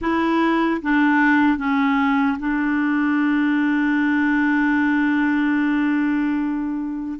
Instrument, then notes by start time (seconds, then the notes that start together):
clarinet
0.01 E4
0.81 D4
1.57 C#4
2.39 D4